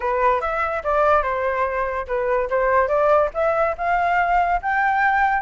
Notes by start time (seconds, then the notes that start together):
0.00 B4
0.41 E5
0.83 D5
1.23 C5
2.07 B4
2.50 C5
2.88 D5
3.33 E5
3.77 F5
4.62 G5